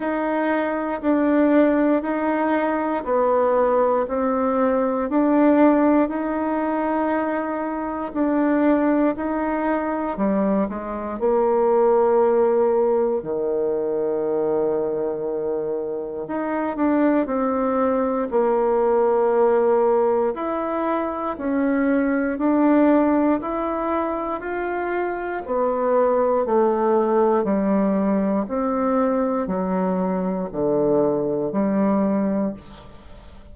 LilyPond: \new Staff \with { instrumentName = "bassoon" } { \time 4/4 \tempo 4 = 59 dis'4 d'4 dis'4 b4 | c'4 d'4 dis'2 | d'4 dis'4 g8 gis8 ais4~ | ais4 dis2. |
dis'8 d'8 c'4 ais2 | e'4 cis'4 d'4 e'4 | f'4 b4 a4 g4 | c'4 fis4 d4 g4 | }